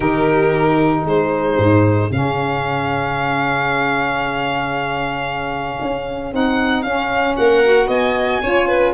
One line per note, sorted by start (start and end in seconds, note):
0.00 1.04 D#3
0.00 2.08 D#4
0.00 1.04 G4
0.00 1.04 A#4
1.04 1.56 G#3
1.04 7.35 G#4
1.04 2.12 C5
1.57 2.09 G#2
2.10 5.79 C#3
2.10 6.32 C#4
2.10 6.33 F5
5.80 6.33 C#4
6.32 6.83 C4
6.32 6.84 D#4
6.32 6.82 F#5
6.82 7.36 C#4
6.82 7.63 C#4
6.82 7.35 F5
7.36 7.87 A#3
7.36 7.87 A#4
7.36 7.89 F#5
7.63 8.42 F#4
7.87 8.40 B3
7.87 8.40 D#5
7.87 8.93 G#5
8.42 8.93 C#4
8.42 8.93 F4
8.42 8.68 C#5
8.68 8.93 B4